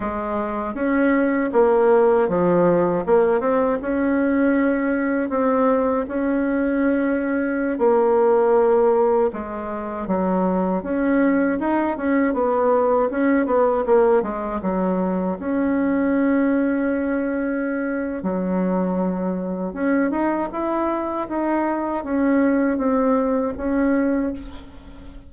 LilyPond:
\new Staff \with { instrumentName = "bassoon" } { \time 4/4 \tempo 4 = 79 gis4 cis'4 ais4 f4 | ais8 c'8 cis'2 c'4 | cis'2~ cis'16 ais4.~ ais16~ | ais16 gis4 fis4 cis'4 dis'8 cis'16~ |
cis'16 b4 cis'8 b8 ais8 gis8 fis8.~ | fis16 cis'2.~ cis'8. | fis2 cis'8 dis'8 e'4 | dis'4 cis'4 c'4 cis'4 | }